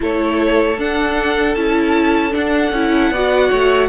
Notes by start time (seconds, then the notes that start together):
0.00 A3 E4 A4 C#5
0.78 D4 F#5
1.54 C#4 E4 A5
2.31 D4 F#5
2.71 C#4 E4
3.10 B3 F#4 D5
3.49 A3 C#5